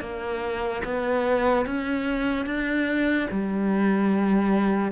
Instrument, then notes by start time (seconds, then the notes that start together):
cello
0.00 A#3
0.84 B3
1.66 C#4
2.46 D4
3.31 G3